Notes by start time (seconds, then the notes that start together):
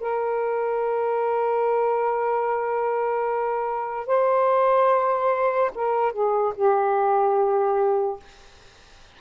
0.00 A#4
4.07 C5
5.75 A#4
6.12 G#4
6.55 G4